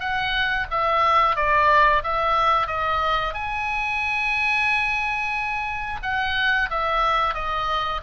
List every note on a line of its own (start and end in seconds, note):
0.00 0.67 F#5
0.71 1.36 E5
1.36 2.03 D5
2.04 2.67 E5
2.67 3.34 D#5
3.34 6.00 G#5
6.03 6.69 F#5
6.70 7.34 E5
7.34 8.01 D#5